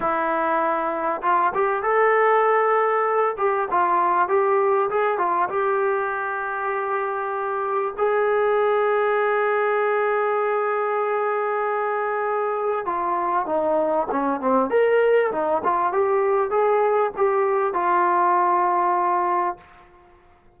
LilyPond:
\new Staff \with { instrumentName = "trombone" } { \time 4/4 \tempo 4 = 98 e'2 f'8 g'8 a'4~ | a'4. g'8 f'4 g'4 | gis'8 f'8 g'2.~ | g'4 gis'2.~ |
gis'1~ | gis'4 f'4 dis'4 cis'8 c'8 | ais'4 dis'8 f'8 g'4 gis'4 | g'4 f'2. | }